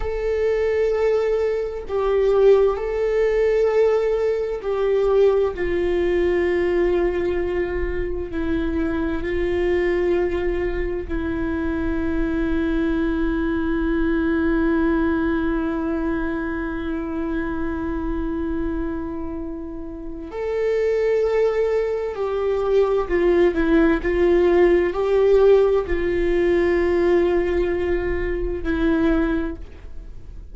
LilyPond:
\new Staff \with { instrumentName = "viola" } { \time 4/4 \tempo 4 = 65 a'2 g'4 a'4~ | a'4 g'4 f'2~ | f'4 e'4 f'2 | e'1~ |
e'1~ | e'2 a'2 | g'4 f'8 e'8 f'4 g'4 | f'2. e'4 | }